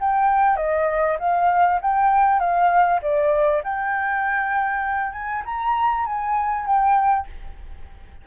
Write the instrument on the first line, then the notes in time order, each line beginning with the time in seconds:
flute
0.00 G5
0.56 D#5
1.19 F5
1.81 G5
2.39 F5
3.02 D5
3.63 G5
5.12 G#5
5.45 A#5
6.05 G#5
6.66 G5